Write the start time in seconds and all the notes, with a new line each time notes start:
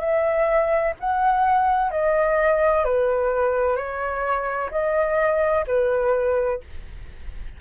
0.00 E5
1.00 F#5
1.91 D#5
2.85 B4
3.76 C#5
4.71 D#5
5.67 B4